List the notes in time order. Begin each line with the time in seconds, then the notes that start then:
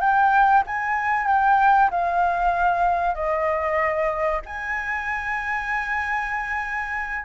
0.00 G5
0.66 G#5
1.27 G5
1.90 F5
3.14 D#5
4.46 G#5